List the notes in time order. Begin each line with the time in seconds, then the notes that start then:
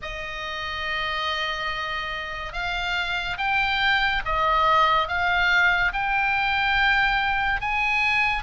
0.02 D#5
2.52 F5
3.37 G5
4.25 D#5
5.07 F5
5.92 G5
7.61 G#5